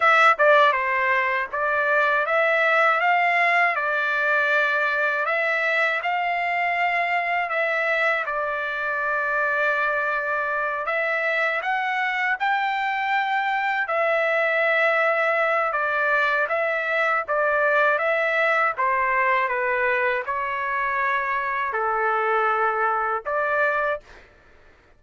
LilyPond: \new Staff \with { instrumentName = "trumpet" } { \time 4/4 \tempo 4 = 80 e''8 d''8 c''4 d''4 e''4 | f''4 d''2 e''4 | f''2 e''4 d''4~ | d''2~ d''8 e''4 fis''8~ |
fis''8 g''2 e''4.~ | e''4 d''4 e''4 d''4 | e''4 c''4 b'4 cis''4~ | cis''4 a'2 d''4 | }